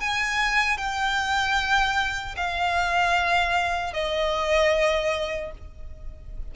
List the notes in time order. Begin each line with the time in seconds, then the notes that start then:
0.00 G#5
0.78 G5
2.36 F5
3.94 D#5